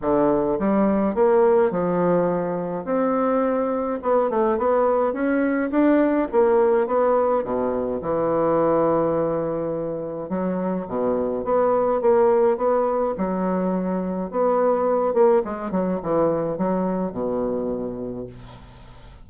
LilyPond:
\new Staff \with { instrumentName = "bassoon" } { \time 4/4 \tempo 4 = 105 d4 g4 ais4 f4~ | f4 c'2 b8 a8 | b4 cis'4 d'4 ais4 | b4 b,4 e2~ |
e2 fis4 b,4 | b4 ais4 b4 fis4~ | fis4 b4. ais8 gis8 fis8 | e4 fis4 b,2 | }